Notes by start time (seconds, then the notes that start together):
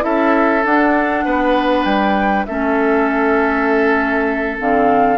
0.00 C#4 E4 A4 E5
0.64 D4 F#5
1.25 B3 B4
1.84 G3 G5
2.46 A3 C#4 A4 E5
4.58 D3 C4 F5